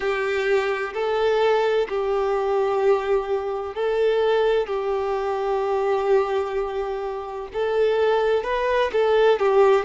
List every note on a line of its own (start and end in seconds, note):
0.00 0.93 G4
0.93 1.87 A4
1.88 3.75 G4
3.75 4.66 A4
4.66 7.48 G4
7.53 8.43 A4
8.43 8.90 B4
8.92 9.39 A4
9.39 9.85 G4